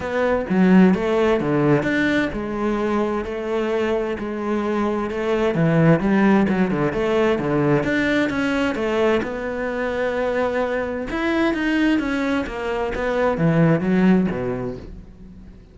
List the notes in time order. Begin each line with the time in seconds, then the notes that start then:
0.00 B3
0.49 F#3
0.94 A3
1.40 D3
1.83 D4
2.32 G#3
3.24 A3
4.19 G#3
5.10 A3
5.54 E3
6.00 G3
6.48 F#3
6.70 D3
6.92 A3
7.38 D3
7.83 D4
8.29 C#4
8.75 A3
9.22 B3
11.10 E4
11.53 D#4
11.99 C#4
12.46 A#3
12.95 B3
13.37 E3
13.80 F#3
14.30 B2